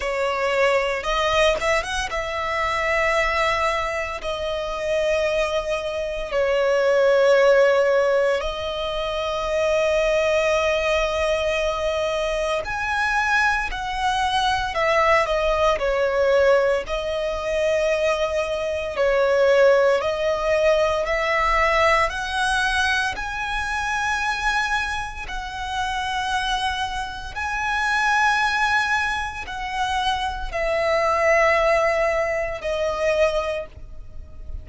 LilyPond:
\new Staff \with { instrumentName = "violin" } { \time 4/4 \tempo 4 = 57 cis''4 dis''8 e''16 fis''16 e''2 | dis''2 cis''2 | dis''1 | gis''4 fis''4 e''8 dis''8 cis''4 |
dis''2 cis''4 dis''4 | e''4 fis''4 gis''2 | fis''2 gis''2 | fis''4 e''2 dis''4 | }